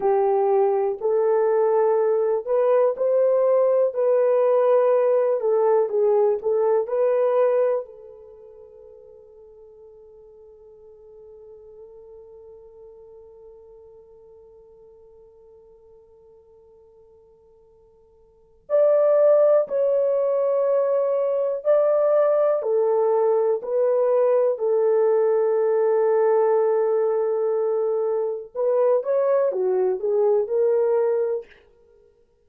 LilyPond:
\new Staff \with { instrumentName = "horn" } { \time 4/4 \tempo 4 = 61 g'4 a'4. b'8 c''4 | b'4. a'8 gis'8 a'8 b'4 | a'1~ | a'1~ |
a'2. d''4 | cis''2 d''4 a'4 | b'4 a'2.~ | a'4 b'8 cis''8 fis'8 gis'8 ais'4 | }